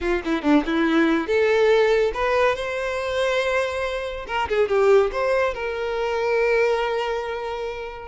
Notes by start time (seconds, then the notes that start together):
0.00 F4
0.24 E4
0.42 D4
0.65 E4
1.27 A4
2.14 B4
2.55 C5
4.27 A#4
4.49 G#4
4.68 G4
5.12 C5
5.54 A#4